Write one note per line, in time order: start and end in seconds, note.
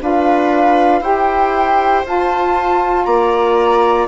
0.00 1.01 D4
0.00 1.02 F4
0.00 1.01 B4
0.00 1.03 F5
1.01 2.03 E4
1.01 2.04 G4
1.01 3.05 C5
1.01 2.04 G5
2.05 4.07 F4
2.05 3.06 F4
2.05 3.05 A5
3.05 4.07 A#3
3.05 4.07 D5
3.05 4.06 A#5